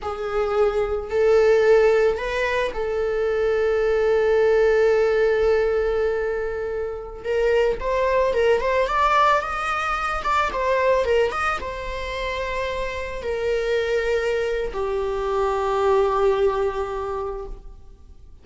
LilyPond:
\new Staff \with { instrumentName = "viola" } { \time 4/4 \tempo 4 = 110 gis'2 a'2 | b'4 a'2.~ | a'1~ | a'4~ a'16 ais'4 c''4 ais'8 c''16~ |
c''16 d''4 dis''4. d''8 c''8.~ | c''16 ais'8 dis''8 c''2~ c''8.~ | c''16 ais'2~ ais'8. g'4~ | g'1 | }